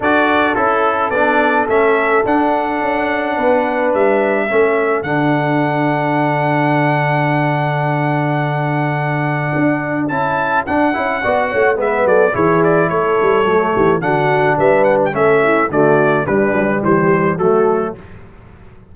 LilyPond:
<<
  \new Staff \with { instrumentName = "trumpet" } { \time 4/4 \tempo 4 = 107 d''4 a'4 d''4 e''4 | fis''2. e''4~ | e''4 fis''2.~ | fis''1~ |
fis''2 a''4 fis''4~ | fis''4 e''8 d''8 cis''8 d''8 cis''4~ | cis''4 fis''4 e''8 fis''16 g''16 e''4 | d''4 b'4 c''4 a'4 | }
  \new Staff \with { instrumentName = "horn" } { \time 4/4 a'1~ | a'2 b'2 | a'1~ | a'1~ |
a'1 | d''8 cis''8 b'8 a'8 gis'4 a'4~ | a'8 g'8 fis'4 b'4 a'8 e'8 | fis'4 d'4 g'4 fis'4 | }
  \new Staff \with { instrumentName = "trombone" } { \time 4/4 fis'4 e'4 d'4 cis'4 | d'1 | cis'4 d'2.~ | d'1~ |
d'2 e'4 d'8 e'8 | fis'4 b4 e'2 | a4 d'2 cis'4 | a4 g2 a4 | }
  \new Staff \with { instrumentName = "tuba" } { \time 4/4 d'4 cis'4 b4 a4 | d'4 cis'4 b4 g4 | a4 d2.~ | d1~ |
d4 d'4 cis'4 d'8 cis'8 | b8 a8 gis8 fis8 e4 a8 g8 | fis8 e8 d4 g4 a4 | d4 g8 fis8 e4 fis4 | }
>>